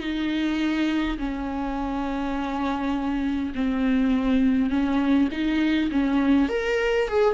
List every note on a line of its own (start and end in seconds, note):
0.00 1.18 D#4
1.18 3.53 C#4
3.55 4.70 C4
4.70 5.29 C#4
5.32 5.90 D#4
5.91 6.49 C#4
6.49 7.08 A#4
7.08 7.34 G#4